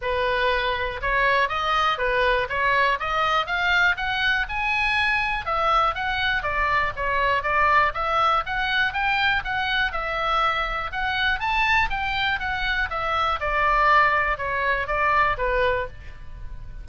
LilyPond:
\new Staff \with { instrumentName = "oboe" } { \time 4/4 \tempo 4 = 121 b'2 cis''4 dis''4 | b'4 cis''4 dis''4 f''4 | fis''4 gis''2 e''4 | fis''4 d''4 cis''4 d''4 |
e''4 fis''4 g''4 fis''4 | e''2 fis''4 a''4 | g''4 fis''4 e''4 d''4~ | d''4 cis''4 d''4 b'4 | }